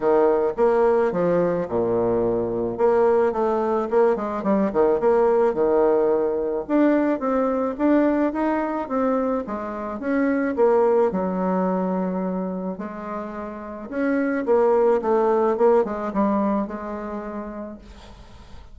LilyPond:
\new Staff \with { instrumentName = "bassoon" } { \time 4/4 \tempo 4 = 108 dis4 ais4 f4 ais,4~ | ais,4 ais4 a4 ais8 gis8 | g8 dis8 ais4 dis2 | d'4 c'4 d'4 dis'4 |
c'4 gis4 cis'4 ais4 | fis2. gis4~ | gis4 cis'4 ais4 a4 | ais8 gis8 g4 gis2 | }